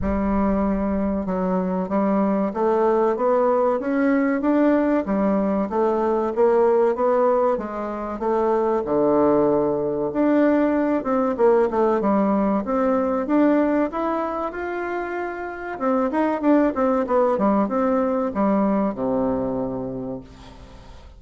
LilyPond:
\new Staff \with { instrumentName = "bassoon" } { \time 4/4 \tempo 4 = 95 g2 fis4 g4 | a4 b4 cis'4 d'4 | g4 a4 ais4 b4 | gis4 a4 d2 |
d'4. c'8 ais8 a8 g4 | c'4 d'4 e'4 f'4~ | f'4 c'8 dis'8 d'8 c'8 b8 g8 | c'4 g4 c2 | }